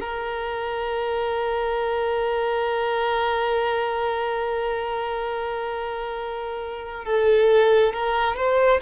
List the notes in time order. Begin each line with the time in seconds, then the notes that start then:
0.00 A#4
7.05 A4
7.93 A#4
8.36 C5